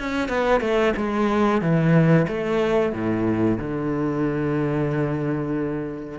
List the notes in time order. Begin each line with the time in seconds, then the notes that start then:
0.00 C#4
0.29 B3
0.61 A3
0.97 G#3
1.62 E3
2.28 A3
2.93 A2
3.58 D3